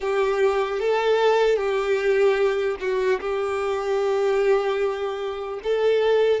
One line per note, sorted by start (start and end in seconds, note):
0.00 0.79 G4
0.79 1.56 A4
1.56 2.76 G4
2.80 3.20 F#4
3.20 5.60 G4
5.63 6.40 A4